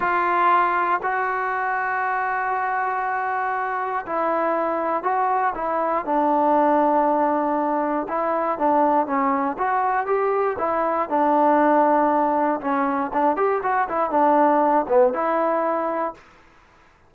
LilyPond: \new Staff \with { instrumentName = "trombone" } { \time 4/4 \tempo 4 = 119 f'2 fis'2~ | fis'1 | e'2 fis'4 e'4 | d'1 |
e'4 d'4 cis'4 fis'4 | g'4 e'4 d'2~ | d'4 cis'4 d'8 g'8 fis'8 e'8 | d'4. b8 e'2 | }